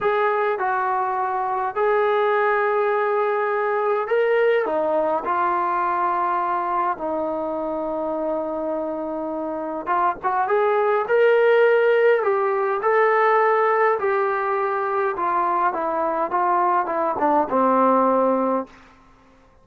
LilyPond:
\new Staff \with { instrumentName = "trombone" } { \time 4/4 \tempo 4 = 103 gis'4 fis'2 gis'4~ | gis'2. ais'4 | dis'4 f'2. | dis'1~ |
dis'4 f'8 fis'8 gis'4 ais'4~ | ais'4 g'4 a'2 | g'2 f'4 e'4 | f'4 e'8 d'8 c'2 | }